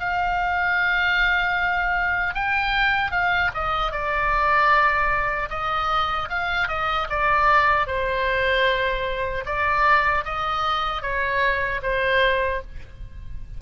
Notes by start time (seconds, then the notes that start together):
0.00 F5
2.35 G5
3.11 F5
3.55 D#5
3.92 D5
5.50 D#5
6.29 F5
6.69 D#5
7.10 D5
7.87 C5
9.46 D5
10.25 D#5
11.02 C#5
11.83 C5